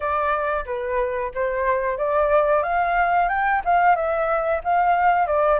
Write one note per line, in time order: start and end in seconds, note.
0.00 0.64 D5
0.65 1.31 B4
1.34 1.97 C5
1.97 2.63 D5
2.63 3.28 F5
3.28 3.61 G5
3.64 3.95 F5
3.95 4.61 E5
4.63 5.26 F5
5.26 5.59 D5